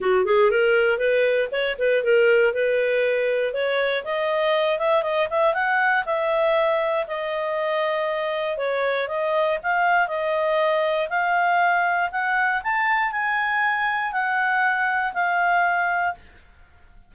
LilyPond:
\new Staff \with { instrumentName = "clarinet" } { \time 4/4 \tempo 4 = 119 fis'8 gis'8 ais'4 b'4 cis''8 b'8 | ais'4 b'2 cis''4 | dis''4. e''8 dis''8 e''8 fis''4 | e''2 dis''2~ |
dis''4 cis''4 dis''4 f''4 | dis''2 f''2 | fis''4 a''4 gis''2 | fis''2 f''2 | }